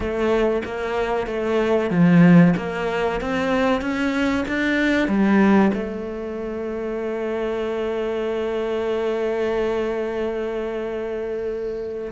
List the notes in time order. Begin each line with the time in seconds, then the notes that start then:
0.00 A3
0.64 A#3
1.26 A3
1.90 F3
2.56 A#3
3.20 C4
3.81 C#4
4.48 D4
5.07 G3
5.73 A3